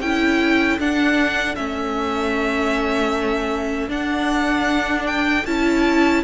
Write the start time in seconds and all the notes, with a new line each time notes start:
0.00 C#4 E4 A4 G5
0.79 D4 F#5
1.55 A3 C#4 E5
3.87 D4 F#5
5.06 G5
5.45 C#4 E4 A5